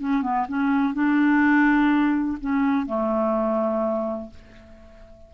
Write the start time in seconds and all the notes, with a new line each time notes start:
0.00 C#4
0.22 B3
0.48 C#4
0.94 D4
2.40 C#4
2.86 A3